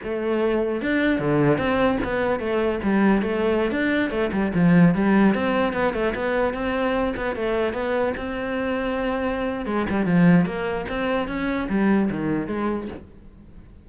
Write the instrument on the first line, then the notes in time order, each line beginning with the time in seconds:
cello
0.03 A3
0.81 D4
1.19 D3
1.57 C4
2.04 B3
2.39 A3
2.83 G3
3.22 A3
3.71 D4
4.10 A3
4.32 G3
4.54 F3
4.94 G3
5.34 C4
5.73 B3
5.93 A3
6.14 B3
6.53 C4
7.16 B3
7.35 A3
7.73 B3
8.16 C4
9.66 G#3
9.89 G3
10.05 F3
10.45 A#3
10.88 C4
11.28 C#4
11.69 G3
12.10 D#3
12.47 G#3